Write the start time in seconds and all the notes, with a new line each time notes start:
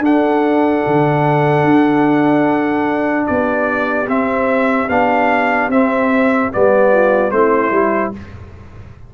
0.00 D4 A4 F#5
0.87 D3
1.65 D4
3.27 B3 G4 D5
4.08 C4 E5
4.90 B3 D4 F5
5.69 C4 E5
6.52 G3 B3 D5
6.92 F4
7.31 A3 C4 E4 C5
7.72 G3 E4